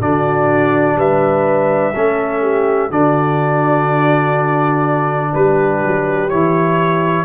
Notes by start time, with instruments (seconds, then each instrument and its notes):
0.00 tuba D3, trombone D4, horn F#4, trumpet D5
0.95 tuba G3, horn B4, trumpet E5
1.93 tuba A3, trombone C#4, horn A4
2.41 horn G4
2.89 tuba D3, trombone D4, horn F#4, trumpet D5
5.34 tuba G3, horn G4, trumpet B4
5.83 tuba F#3
6.29 tuba E3, trombone E4, trumpet C#5